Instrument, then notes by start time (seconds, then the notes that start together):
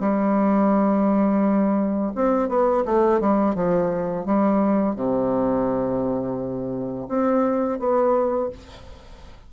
bassoon
0.00 G3
2.15 C4
2.48 B3
2.85 A3
3.20 G3
3.55 F3
4.25 G3
4.95 C3
7.08 C4
7.79 B3